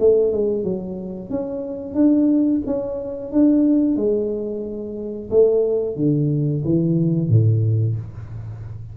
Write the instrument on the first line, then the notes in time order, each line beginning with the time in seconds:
tuba
0.00 A3
0.32 G#3
0.64 F#3
1.30 C#4
1.95 D4
2.67 C#4
3.32 D4
3.97 G#3
5.31 A3
5.96 D3
6.65 E3
7.30 A2